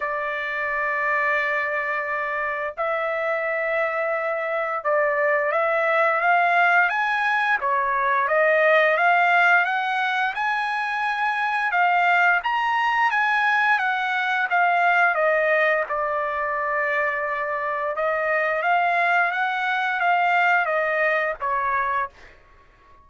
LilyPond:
\new Staff \with { instrumentName = "trumpet" } { \time 4/4 \tempo 4 = 87 d''1 | e''2. d''4 | e''4 f''4 gis''4 cis''4 | dis''4 f''4 fis''4 gis''4~ |
gis''4 f''4 ais''4 gis''4 | fis''4 f''4 dis''4 d''4~ | d''2 dis''4 f''4 | fis''4 f''4 dis''4 cis''4 | }